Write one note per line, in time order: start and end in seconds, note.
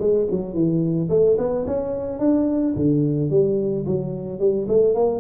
0.00 0.28 G#3
0.31 0.54 F#3
0.54 1.09 E3
1.10 1.37 A3
1.38 1.65 B3
1.67 2.19 C#4
2.19 2.74 D4
2.76 3.31 D3
3.31 3.86 G3
3.86 4.40 F#3
4.40 4.67 G3
4.68 4.95 A3
4.95 5.20 A#3